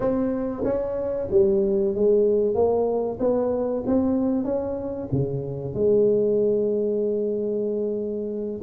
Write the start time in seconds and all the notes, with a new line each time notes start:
0.00 C4
0.64 C#4
1.31 G3
1.94 G#3
2.54 A#3
3.19 B3
3.86 C4
4.44 C#4
5.12 C#3
5.74 G#3